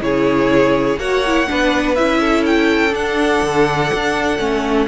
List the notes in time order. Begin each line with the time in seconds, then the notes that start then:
0.00 C#3 E4 G#4 C#5
0.98 A#3 F#4 C#5 F#5
1.26 E4
1.47 B3 D4 B4
1.95 C#4 E4 E5
2.20 A4
2.46 G5
2.90 D4 F#5
3.42 D3
3.93 D4
4.38 A3 C#4